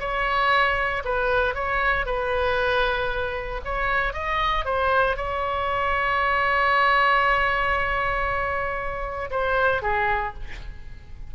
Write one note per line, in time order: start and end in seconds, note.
0.00 1.03 C#5
1.05 1.55 B4
1.55 2.06 C#5
2.06 3.61 B4
3.65 4.14 C#5
4.14 4.65 D#5
4.66 5.17 C5
5.17 9.31 C#5
9.31 9.83 C5
9.83 10.34 G#4